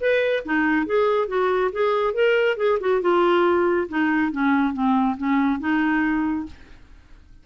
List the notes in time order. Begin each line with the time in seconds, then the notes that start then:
0.00 B4
0.44 D#4
0.86 G#4
1.27 F#4
1.72 G#4
2.13 A#4
2.56 G#4
2.80 F#4
3.01 F4
3.88 D#4
4.31 C#4
4.73 C4
5.17 C#4
5.59 D#4